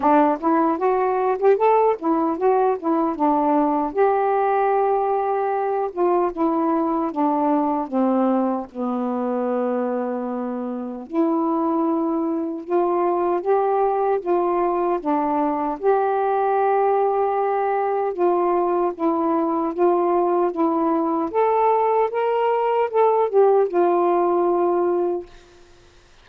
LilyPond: \new Staff \with { instrumentName = "saxophone" } { \time 4/4 \tempo 4 = 76 d'8 e'8 fis'8. g'16 a'8 e'8 fis'8 e'8 | d'4 g'2~ g'8 f'8 | e'4 d'4 c'4 b4~ | b2 e'2 |
f'4 g'4 f'4 d'4 | g'2. f'4 | e'4 f'4 e'4 a'4 | ais'4 a'8 g'8 f'2 | }